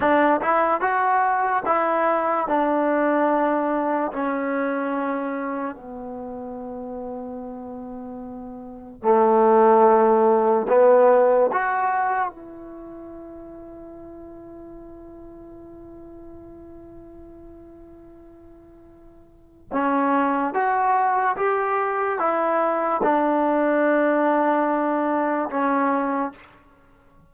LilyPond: \new Staff \with { instrumentName = "trombone" } { \time 4/4 \tempo 4 = 73 d'8 e'8 fis'4 e'4 d'4~ | d'4 cis'2 b4~ | b2. a4~ | a4 b4 fis'4 e'4~ |
e'1~ | e'1 | cis'4 fis'4 g'4 e'4 | d'2. cis'4 | }